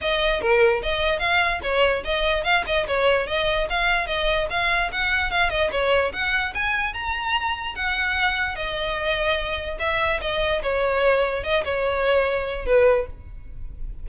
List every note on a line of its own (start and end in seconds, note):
0.01 0.41 D#5
0.41 0.81 A#4
0.82 1.19 D#5
1.19 1.60 F5
1.63 2.03 C#5
2.04 2.44 D#5
2.44 2.64 F5
2.66 2.86 D#5
2.87 3.26 C#5
3.26 3.67 D#5
3.69 4.06 F5
4.06 4.47 D#5
4.49 4.90 F5
4.92 5.30 F#5
5.30 5.49 F5
5.49 5.70 D#5
5.71 6.12 C#5
6.12 6.53 F#5
6.54 6.93 G#5
6.93 7.75 A#5
7.75 8.55 F#5
8.55 9.78 D#5
9.79 10.20 E5
10.21 10.62 D#5
10.62 11.43 C#5
11.43 11.63 D#5
11.64 12.65 C#5
12.65 13.06 B4